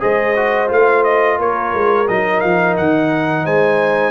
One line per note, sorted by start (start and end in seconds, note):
0.00 0.70 G#3
0.00 0.34 G#4
0.00 1.39 C5
0.00 0.71 D#5
0.36 0.68 F#4
0.68 1.39 A3
0.68 2.06 F4
0.68 1.04 F5
1.04 1.39 D#5
1.39 1.74 A#3
1.39 3.45 A#4
1.39 2.08 C#5
1.74 2.09 G#3
2.08 2.43 F#3
2.08 4.11 D#4
2.08 2.40 D#5
2.40 2.78 F3
2.40 2.75 F5
2.77 3.46 D#3
2.77 3.46 F#5
3.45 4.11 G#3
3.45 4.11 C5
3.45 4.11 G#5